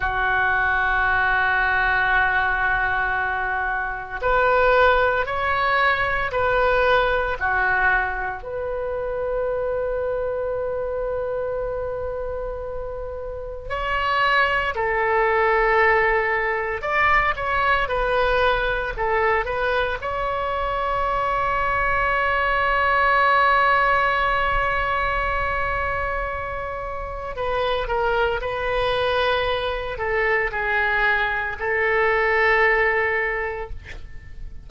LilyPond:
\new Staff \with { instrumentName = "oboe" } { \time 4/4 \tempo 4 = 57 fis'1 | b'4 cis''4 b'4 fis'4 | b'1~ | b'4 cis''4 a'2 |
d''8 cis''8 b'4 a'8 b'8 cis''4~ | cis''1~ | cis''2 b'8 ais'8 b'4~ | b'8 a'8 gis'4 a'2 | }